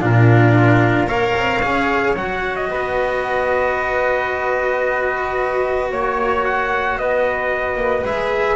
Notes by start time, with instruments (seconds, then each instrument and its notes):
0.00 double bass A#2, cello D4, flute F4, trumpet A#4
1.07 double bass A#3, cello A#4, flute C#5, trumpet F5
1.37 double bass C4
1.62 double bass C#4, cello G#4
2.15 double bass F#3, cello F#4, trumpet F#5
2.56 trumpet D#5
2.70 double bass B3, flute B4
5.91 double bass A#3, flute C#5, trumpet C#5
6.45 trumpet F#5
6.97 double bass B3, flute B4, trumpet D#5
7.76 double bass A#3
8.04 double bass G#3, cello G#4, trumpet E5